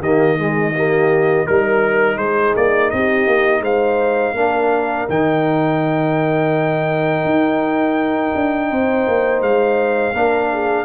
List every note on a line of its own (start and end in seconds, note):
0.00 1.45 D#3
0.00 0.39 A#3
0.00 0.37 G4
0.00 1.47 D#5
0.38 0.75 G#3
0.38 0.74 G#4
0.75 1.47 A#3
0.75 1.47 G4
1.47 2.17 G3
1.47 4.36 D#4
1.47 2.19 A#4
1.47 2.18 A#4
2.17 2.53 G#3
2.17 2.92 G#4
2.17 2.54 C5
2.56 2.92 A#3
2.56 2.90 D5
2.90 3.27 C4
2.90 3.62 G4
2.90 3.62 D#5
3.27 3.61 A#3
3.61 4.33 G#3
3.61 4.34 C5
3.61 5.09 F5
4.34 5.06 A#3
4.34 5.09 D4
4.34 8.70 A#4
5.09 7.25 D#3
5.09 10.14 D#4
5.09 9.42 G5
7.25 8.33 D#4
8.35 8.71 D4
8.70 9.07 C4
8.70 10.15 C5
9.08 9.42 A#3
9.42 10.13 G#3
9.42 10.85 F5
10.13 10.85 A#3
10.13 10.85 D4
10.13 10.51 A#4
10.53 10.85 G#4